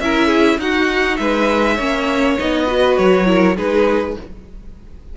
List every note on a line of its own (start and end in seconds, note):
0.00 0.59 C#4
0.00 0.60 E4
0.00 0.27 A#4
0.00 0.60 E5
0.27 0.56 G#4
0.59 1.18 D#4
0.59 1.79 D#4
0.59 1.20 F#4
0.59 1.17 F#5
1.17 1.78 G#3
1.17 1.75 B4
1.17 2.36 E5
1.75 2.38 A#3
1.75 2.39 C#4
1.75 2.64 C#5
2.39 2.98 B3
2.39 2.67 D#4
2.39 2.98 D#5
2.67 3.25 F#4
2.67 3.27 B4
2.98 3.57 F#3
2.98 3.57 C#5
3.25 3.55 E4
3.25 3.57 A#4
3.57 4.17 G#3
3.57 4.17 D#4
3.57 4.16 G#4
3.57 4.17 B4